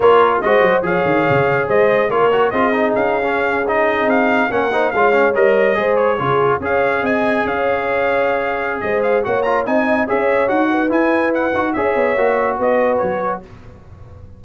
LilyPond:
<<
  \new Staff \with { instrumentName = "trumpet" } { \time 4/4 \tempo 4 = 143 cis''4 dis''4 f''2 | dis''4 cis''4 dis''4 f''4~ | f''8. dis''4 f''4 fis''4 f''16~ | f''8. dis''4. cis''4. f''16~ |
f''8. gis''4 f''2~ f''16~ | f''4 dis''8 f''8 fis''8 ais''8 gis''4 | e''4 fis''4 gis''4 fis''4 | e''2 dis''4 cis''4 | }
  \new Staff \with { instrumentName = "horn" } { \time 4/4 ais'4 c''4 cis''2 | c''4 ais'4 gis'2~ | gis'2~ gis'8. ais'8 c''8 cis''16~ | cis''4.~ cis''16 c''4 gis'4 cis''16~ |
cis''8. dis''4 cis''2~ cis''16~ | cis''4 c''4 cis''4 dis''4 | cis''4. b'2~ b'8 | cis''2 b'2 | }
  \new Staff \with { instrumentName = "trombone" } { \time 4/4 f'4 fis'4 gis'2~ | gis'4 f'8 fis'8 f'8 dis'4~ dis'16 cis'16~ | cis'8. dis'2 cis'8 dis'8 f'16~ | f'16 cis'8 ais'4 gis'4 f'4 gis'16~ |
gis'1~ | gis'2 fis'8 f'8 dis'4 | gis'4 fis'4 e'4. fis'8 | gis'4 fis'2. | }
  \new Staff \with { instrumentName = "tuba" } { \time 4/4 ais4 gis8 fis8 f8 dis8 cis4 | gis4 ais4 c'4 cis'4~ | cis'4.~ cis'16 c'4 ais4 gis16~ | gis8. g4 gis4 cis4 cis'16~ |
cis'8. c'4 cis'2~ cis'16~ | cis'4 gis4 ais4 c'4 | cis'4 dis'4 e'4. dis'8 | cis'8 b8 ais4 b4 fis4 | }
>>